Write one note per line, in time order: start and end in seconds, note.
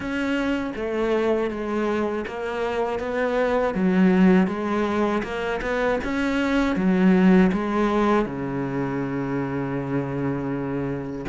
0.00 0.72 C#4
0.75 1.50 A3
1.50 2.25 G#3
2.27 2.99 A#3
2.99 3.74 B3
3.74 4.47 F#3
4.47 5.22 G#3
5.23 5.60 A#3
5.61 5.99 B3
6.04 6.76 C#4
6.76 7.51 F#3
7.52 8.25 G#3
8.25 11.25 C#3